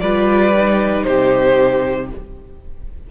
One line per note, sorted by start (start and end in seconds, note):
0.00 1.05 G3
0.00 0.54 F4
0.00 1.06 B4
0.00 1.03 D5
0.55 2.10 D#4
1.03 2.11 C3
1.03 2.11 G4
1.03 2.07 C5